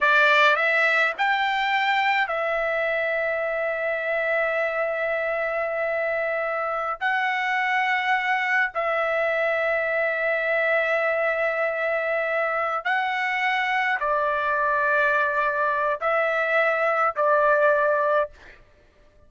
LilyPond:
\new Staff \with { instrumentName = "trumpet" } { \time 4/4 \tempo 4 = 105 d''4 e''4 g''2 | e''1~ | e''1~ | e''16 fis''2. e''8.~ |
e''1~ | e''2~ e''8 fis''4.~ | fis''8 d''2.~ d''8 | e''2 d''2 | }